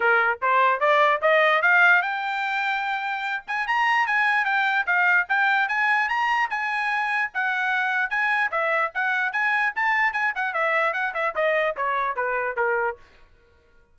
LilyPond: \new Staff \with { instrumentName = "trumpet" } { \time 4/4 \tempo 4 = 148 ais'4 c''4 d''4 dis''4 | f''4 g''2.~ | g''8 gis''8 ais''4 gis''4 g''4 | f''4 g''4 gis''4 ais''4 |
gis''2 fis''2 | gis''4 e''4 fis''4 gis''4 | a''4 gis''8 fis''8 e''4 fis''8 e''8 | dis''4 cis''4 b'4 ais'4 | }